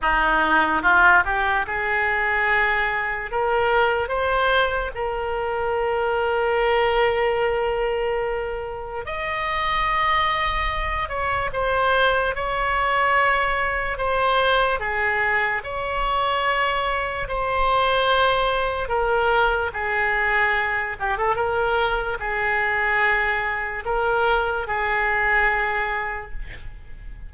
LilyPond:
\new Staff \with { instrumentName = "oboe" } { \time 4/4 \tempo 4 = 73 dis'4 f'8 g'8 gis'2 | ais'4 c''4 ais'2~ | ais'2. dis''4~ | dis''4. cis''8 c''4 cis''4~ |
cis''4 c''4 gis'4 cis''4~ | cis''4 c''2 ais'4 | gis'4. g'16 a'16 ais'4 gis'4~ | gis'4 ais'4 gis'2 | }